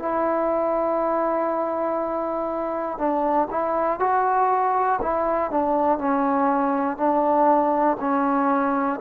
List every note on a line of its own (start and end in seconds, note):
0.00 2.98 E4
2.98 3.48 D4
3.51 4.00 E4
4.00 5.00 F#4
5.02 5.51 E4
5.51 5.99 D4
5.99 6.98 C#4
6.98 7.98 D4
8.00 9.00 C#4